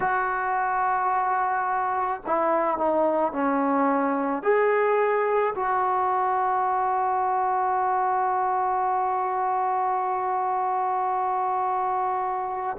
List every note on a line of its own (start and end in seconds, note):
0.00 2.21 F#4
2.26 2.77 E4
2.77 3.32 D#4
3.32 4.42 C#4
4.42 5.54 G#4
5.55 12.77 F#4